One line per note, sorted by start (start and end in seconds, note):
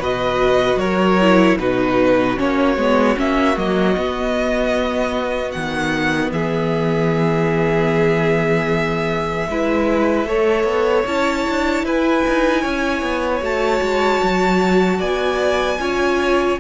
0.00 0.76 B2
0.00 1.21 F#4
0.00 0.79 B4
0.00 0.79 D#5
0.76 1.55 F#3
0.76 1.58 A#4
0.76 1.58 C#5
1.21 1.60 E4
1.59 2.38 B2
1.59 2.37 D#4
1.59 6.32 F#4
1.59 2.38 B4
2.37 2.77 A#3
2.37 2.77 C#4
2.37 3.19 C#5
2.77 3.17 G#3
2.77 3.16 B3
3.16 3.57 A#3
3.16 3.56 C#4
3.16 3.59 E5
3.57 3.97 F#3
3.57 3.96 A#3
3.57 5.52 D#5
3.97 9.49 B3
3.97 5.55 B3
5.52 6.31 D#3
5.52 6.31 F#5
6.31 9.47 E3
6.31 9.48 G#4
6.31 11.06 E5
9.49 10.25 G#3
9.49 10.28 E4
9.49 10.28 B4
10.25 10.64 A3
10.25 11.07 A4
10.25 11.85 C#5
10.64 11.04 B3
11.06 11.46 C#4
11.06 13.41 E4
11.06 11.85 A5
11.49 11.83 D4
11.83 12.23 E4
11.83 12.62 B4
11.83 13.44 G#5
12.27 12.65 D#4
12.62 13.03 C#4
12.62 14.99 C#5
13.03 13.42 B3
13.41 13.81 A3
13.41 15.78 F#4
13.41 15.01 A5
13.82 14.21 G#3
14.23 15.00 F#3
14.99 15.79 B3
14.99 15.78 D5
14.99 16.59 G#5
15.79 16.58 C#4
15.79 16.59 F4
15.79 16.60 C#5